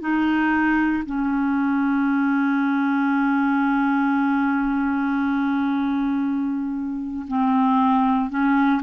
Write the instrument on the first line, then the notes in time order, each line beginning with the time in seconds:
clarinet
0.00 D#4
1.06 C#4
7.28 C4
8.30 C#4